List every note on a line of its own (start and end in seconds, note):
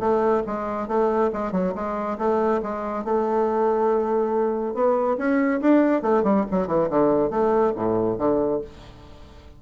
0.00 0.43 A3
0.47 0.88 G#3
0.88 1.31 A3
1.33 1.52 G#3
1.52 1.73 F#3
1.75 2.18 G#3
2.18 2.61 A3
2.63 3.05 G#3
3.05 4.74 A3
4.74 5.17 B3
5.18 5.61 C#4
5.61 6.02 D4
6.02 6.24 A3
6.24 6.45 G3
6.51 6.67 F#3
6.67 6.89 E3
6.90 7.30 D3
7.30 7.73 A3
7.76 8.19 A2
8.19 8.61 D3